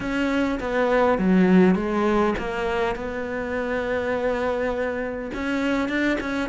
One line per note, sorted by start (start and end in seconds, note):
0.00 0.59 C#4
0.60 1.18 B3
1.18 1.75 F#3
1.75 2.34 G#3
2.38 2.95 A#3
2.95 5.30 B3
5.33 5.88 C#4
5.88 6.18 D4
6.20 6.49 C#4